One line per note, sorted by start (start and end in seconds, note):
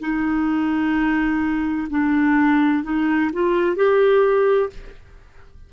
0.00 1.87 D#4
1.90 2.84 D4
2.84 3.31 D#4
3.33 3.76 F4
3.76 4.70 G4